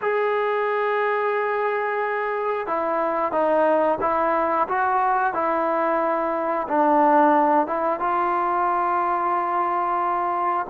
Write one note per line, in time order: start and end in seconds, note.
0.01 2.67 G#4
2.67 3.32 E4
3.32 3.98 D#4
4.00 4.67 E4
4.68 5.33 F#4
5.33 6.67 E4
6.68 7.67 D4
7.67 7.99 E4
7.99 10.66 F4